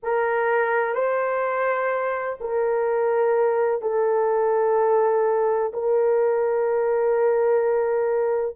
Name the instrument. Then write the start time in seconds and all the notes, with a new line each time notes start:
horn
0.03 A#4
0.94 C5
2.40 A#4
3.81 A4
5.73 A#4